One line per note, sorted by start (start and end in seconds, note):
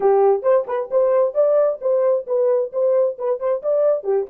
0.00 0.42 G4
0.42 0.65 C5
0.67 0.89 B4
0.90 1.34 C5
1.34 1.79 D5
1.81 2.26 C5
2.27 2.72 B4
2.72 3.17 C5
3.18 3.39 B4
3.39 3.62 C5
3.62 4.03 D5
4.03 4.26 G4